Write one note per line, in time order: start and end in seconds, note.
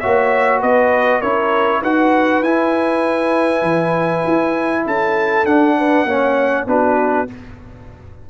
0.00 0.63 A#3
0.00 1.23 F#4
0.00 0.61 C#5
0.00 0.61 E5
0.61 1.23 B3
0.61 1.20 B4
0.61 1.22 D#5
1.20 1.82 C#4
1.20 1.83 E4
1.20 1.81 A#4
1.20 1.82 C#5
1.82 2.42 D#4
1.82 2.44 F#4
1.82 4.85 B4
1.82 2.44 F#5
2.42 3.62 E4
2.42 5.47 E4
2.42 4.86 G#5
3.62 4.23 E3
4.27 4.86 E4
4.86 5.45 C#4
4.86 5.78 A4
4.86 5.46 A5
5.45 6.05 D4
5.45 6.07 D4
5.45 6.67 F#5
5.78 6.08 B4
6.05 6.66 A#3
6.05 6.67 C#4
6.05 6.68 C#5
6.67 7.28 B3
6.67 7.28 D4
6.67 7.30 F#4
6.67 7.29 B4